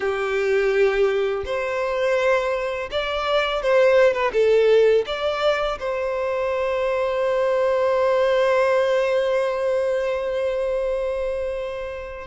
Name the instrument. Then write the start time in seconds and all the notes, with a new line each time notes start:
violin
0.00 G4
1.45 C5
2.91 D5
3.62 C5
4.13 B4
4.32 A4
5.06 D5
5.79 C5